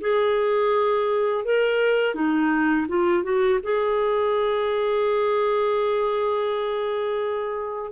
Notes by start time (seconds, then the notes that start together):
0.00 G#4
1.44 A#4
2.14 D#4
2.88 F4
3.23 F#4
3.63 G#4